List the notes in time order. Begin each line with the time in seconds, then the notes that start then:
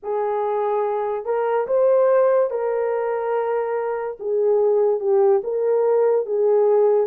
0.02 G#4
1.25 A#4
1.67 C5
2.50 A#4
4.19 G#4
5.00 G4
5.43 A#4
6.25 G#4